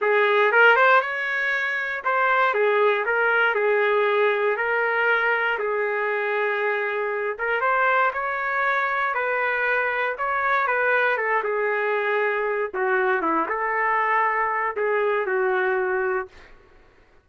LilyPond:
\new Staff \with { instrumentName = "trumpet" } { \time 4/4 \tempo 4 = 118 gis'4 ais'8 c''8 cis''2 | c''4 gis'4 ais'4 gis'4~ | gis'4 ais'2 gis'4~ | gis'2~ gis'8 ais'8 c''4 |
cis''2 b'2 | cis''4 b'4 a'8 gis'4.~ | gis'4 fis'4 e'8 a'4.~ | a'4 gis'4 fis'2 | }